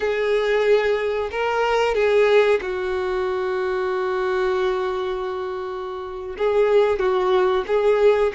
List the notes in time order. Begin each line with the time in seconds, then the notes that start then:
0.00 G#4
1.31 A#4
1.94 G#4
2.61 F#4
6.37 G#4
6.99 F#4
7.67 G#4